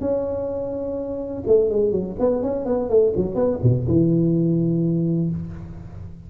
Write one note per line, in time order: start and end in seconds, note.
0.00 1.43 C#4
1.47 1.69 A3
1.69 1.91 G#3
1.91 2.15 F#3
2.19 2.42 B3
2.42 2.65 C#4
2.65 2.89 B3
2.89 3.13 A3
3.16 3.35 F#3
3.35 3.59 B3
3.63 3.86 B2
3.87 5.30 E3